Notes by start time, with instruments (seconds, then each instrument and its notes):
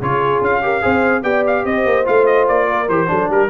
0.00 tuba C#3, trombone F4, horn G#4, trumpet C#5
0.41 tuba C#4, trumpet F5
0.62 trombone G4, horn A#4
0.81 tuba C4, trombone G#4, horn C5
1.22 tuba B3, trombone G4, horn D5, trumpet G5
1.47 trumpet F5
1.64 tuba C4, horn C5, trumpet D#5
1.85 tuba A#3
2.05 tuba A3, trombone F4, trumpet F5
2.26 trumpet D#5
2.48 tuba A#3, trumpet D5
2.69 horn A#4
2.88 tuba E3, trombone G4, trumpet C5
3.07 tuba F#3, trombone D4, horn A4
3.28 tuba G3, horn G4, trumpet A#4